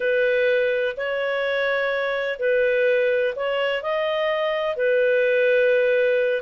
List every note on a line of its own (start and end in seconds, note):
0.00 0.95 B4
0.96 2.39 C#5
2.39 3.34 B4
3.35 3.82 C#5
3.82 4.76 D#5
4.76 6.42 B4